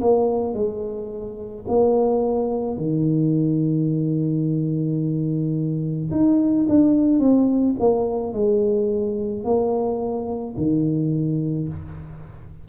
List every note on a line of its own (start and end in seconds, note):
0.00 0.54 A#3
0.54 1.65 G#3
1.67 2.77 A#3
2.77 6.10 D#3
6.11 6.66 D#4
6.68 7.19 D4
7.19 7.75 C4
7.79 8.33 A#3
8.33 9.44 G#3
9.44 10.55 A#3
10.57 11.68 D#3